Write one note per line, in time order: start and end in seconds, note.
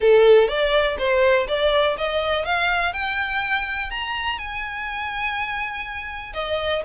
0.00 0.48 A4
0.48 0.96 D5
0.98 1.47 C5
1.47 1.96 D5
1.97 2.45 D#5
2.45 2.93 F5
2.93 3.90 G5
3.90 4.38 A#5
4.38 6.33 G#5
6.33 6.82 D#5